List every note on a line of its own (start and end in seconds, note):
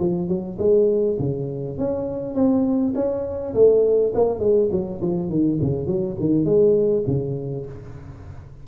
0.00 0.29 F3
0.29 0.58 F#3
0.59 1.18 G#3
1.20 1.78 C#3
1.79 2.35 C#4
2.35 2.94 C4
2.95 3.54 C#4
3.54 4.13 A3
4.15 4.40 A#3
4.40 4.69 G#3
4.72 5.01 F#3
5.02 5.30 F3
5.30 5.59 D#3
5.62 5.87 C#3
5.87 6.16 F#3
6.20 6.45 D#3
6.45 7.04 G#3
7.07 7.66 C#3